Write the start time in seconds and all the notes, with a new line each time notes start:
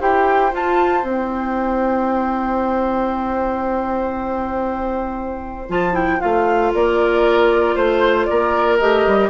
0.00 E4 G4 C5 G5
0.52 F4 A5
1.03 C4 E4 G5
5.69 F3 F4 A5
5.92 E4 G5
6.20 A3 F4 F5
6.74 A#3 A#4 D5
7.75 A3 C5
8.26 A#3 A#4 D5
8.79 A3 G4 D#5
9.06 G3